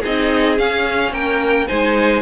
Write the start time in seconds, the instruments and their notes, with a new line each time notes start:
0.00 cello C4, viola D#4, violin G#4 D#5
0.57 viola C#4, cello C#4, violin F5
1.12 cello A#3, violin A#4 G5
1.67 cello G#3, viola D#4, violin C5 G#5